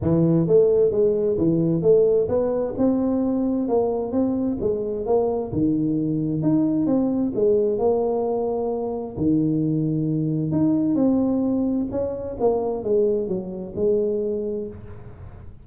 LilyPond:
\new Staff \with { instrumentName = "tuba" } { \time 4/4 \tempo 4 = 131 e4 a4 gis4 e4 | a4 b4 c'2 | ais4 c'4 gis4 ais4 | dis2 dis'4 c'4 |
gis4 ais2. | dis2. dis'4 | c'2 cis'4 ais4 | gis4 fis4 gis2 | }